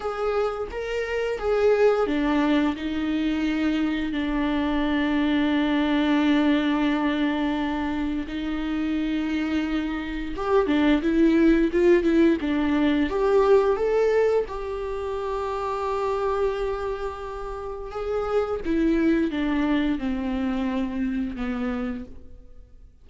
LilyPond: \new Staff \with { instrumentName = "viola" } { \time 4/4 \tempo 4 = 87 gis'4 ais'4 gis'4 d'4 | dis'2 d'2~ | d'1 | dis'2. g'8 d'8 |
e'4 f'8 e'8 d'4 g'4 | a'4 g'2.~ | g'2 gis'4 e'4 | d'4 c'2 b4 | }